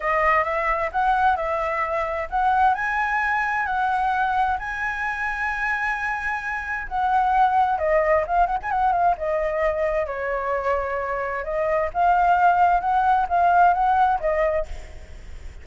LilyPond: \new Staff \with { instrumentName = "flute" } { \time 4/4 \tempo 4 = 131 dis''4 e''4 fis''4 e''4~ | e''4 fis''4 gis''2 | fis''2 gis''2~ | gis''2. fis''4~ |
fis''4 dis''4 f''8 fis''16 gis''16 fis''8 f''8 | dis''2 cis''2~ | cis''4 dis''4 f''2 | fis''4 f''4 fis''4 dis''4 | }